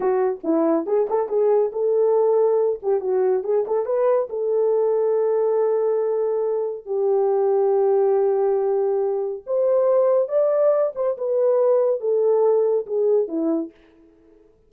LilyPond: \new Staff \with { instrumentName = "horn" } { \time 4/4 \tempo 4 = 140 fis'4 e'4 gis'8 a'8 gis'4 | a'2~ a'8 g'8 fis'4 | gis'8 a'8 b'4 a'2~ | a'1 |
g'1~ | g'2 c''2 | d''4. c''8 b'2 | a'2 gis'4 e'4 | }